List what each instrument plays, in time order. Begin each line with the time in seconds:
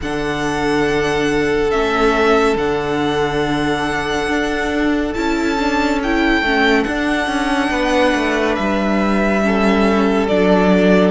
0.01 cello D3, viola D4, violin A4 F#5
1.71 cello A3, viola C#4, violin E5
2.56 cello D3, viola D4, violin F#5
4.27 cello D4
5.13 cello C#4, viola E4, violin A5
5.59 viola D4
6.02 viola E4, violin G5
6.41 cello A3, viola C#4
6.83 viola D4, cello D4, violin F#5
7.26 cello C#4
7.70 cello B3, violin B4
8.14 cello A3
8.55 cello G3, violin E5
9.42 viola C#4, violin A4
10.27 cello F#3, viola D4, violin D5